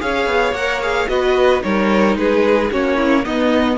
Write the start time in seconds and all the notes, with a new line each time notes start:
0.00 C#4 G#4 C#5 F5
0.26 B3
0.52 A#3 A#4 F#5
0.82 G#4 F5
1.08 B3 F#4 B4 D#5
1.61 G3 D#4 A#4 C#5
2.16 G#3 G#4 B4
2.72 A#3 C#4 F#4 C#5
2.97 E4
3.24 B3 D#4 D#5